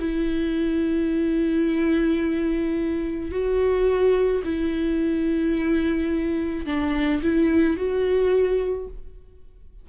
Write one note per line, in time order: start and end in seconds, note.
0.00 3.32 E4
3.32 4.43 F#4
4.44 6.66 E4
6.66 7.22 D4
7.23 7.77 E4
7.77 8.88 F#4